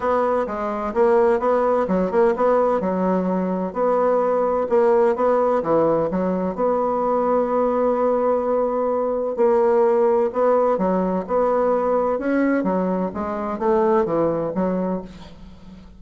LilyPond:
\new Staff \with { instrumentName = "bassoon" } { \time 4/4 \tempo 4 = 128 b4 gis4 ais4 b4 | fis8 ais8 b4 fis2 | b2 ais4 b4 | e4 fis4 b2~ |
b1 | ais2 b4 fis4 | b2 cis'4 fis4 | gis4 a4 e4 fis4 | }